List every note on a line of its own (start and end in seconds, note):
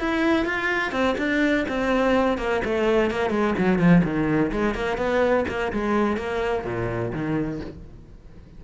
0.00 0.46 E4
0.46 0.92 F4
0.92 1.16 C4
1.18 1.65 D4
1.68 2.38 C4
2.38 2.62 A#3
2.65 3.10 A3
3.10 3.30 A#3
3.30 3.54 G#3
3.58 3.79 F#3
3.79 4.02 F3
4.04 4.52 D#3
4.52 4.75 G#3
4.75 4.98 A#3
4.98 5.45 B3
5.48 5.72 A#3
5.73 6.17 G#3
6.17 6.65 A#3
6.65 7.12 A#2
7.13 7.61 D#3